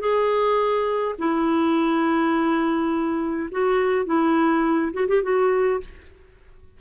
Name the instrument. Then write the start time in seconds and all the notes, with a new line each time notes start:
clarinet
0.00 G#4
1.18 E4
3.51 F#4
4.06 E4
4.93 F#4
5.08 G4
5.23 F#4